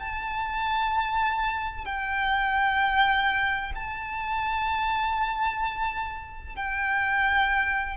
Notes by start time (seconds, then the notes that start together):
0.00 A5
1.85 G5
3.75 A5
6.56 G5